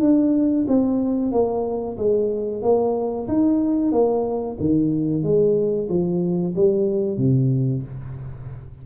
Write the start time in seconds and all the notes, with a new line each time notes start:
0.00 D4
0.68 C4
1.32 A#3
1.97 G#3
2.62 A#3
3.28 D#4
3.92 A#3
4.59 D#3
5.23 G#3
5.89 F3
6.55 G3
7.17 C3